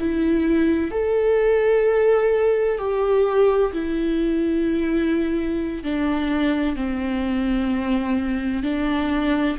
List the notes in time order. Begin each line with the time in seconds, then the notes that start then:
0.00 E4
0.91 A4
2.78 G4
3.73 E4
5.83 D4
6.76 C4
8.63 D4